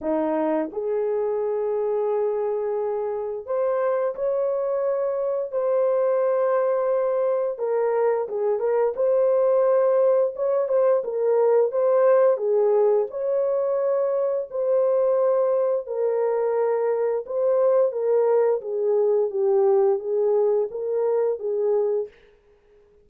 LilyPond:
\new Staff \with { instrumentName = "horn" } { \time 4/4 \tempo 4 = 87 dis'4 gis'2.~ | gis'4 c''4 cis''2 | c''2. ais'4 | gis'8 ais'8 c''2 cis''8 c''8 |
ais'4 c''4 gis'4 cis''4~ | cis''4 c''2 ais'4~ | ais'4 c''4 ais'4 gis'4 | g'4 gis'4 ais'4 gis'4 | }